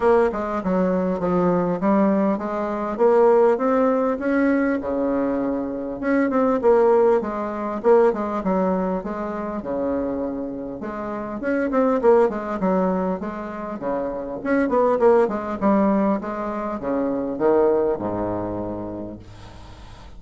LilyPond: \new Staff \with { instrumentName = "bassoon" } { \time 4/4 \tempo 4 = 100 ais8 gis8 fis4 f4 g4 | gis4 ais4 c'4 cis'4 | cis2 cis'8 c'8 ais4 | gis4 ais8 gis8 fis4 gis4 |
cis2 gis4 cis'8 c'8 | ais8 gis8 fis4 gis4 cis4 | cis'8 b8 ais8 gis8 g4 gis4 | cis4 dis4 gis,2 | }